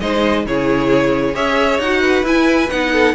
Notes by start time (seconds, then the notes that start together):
0.00 G#3 D#4 C5 D#5
0.46 C#3 E4 G#4 C#5
1.34 C#4 G#4 C#5 E5
1.78 D#4 F#4 F#5
2.01 B4
2.23 E4 G#5
2.70 B3 D#4 F#5
2.92 A4